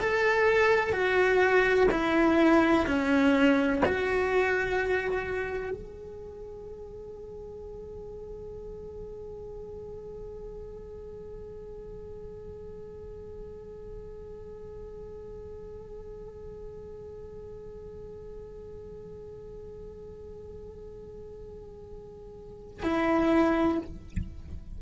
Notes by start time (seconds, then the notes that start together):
0.00 A4
0.93 F#4
1.91 E4
2.87 C#4
3.85 F#4
5.71 G#4
22.83 E4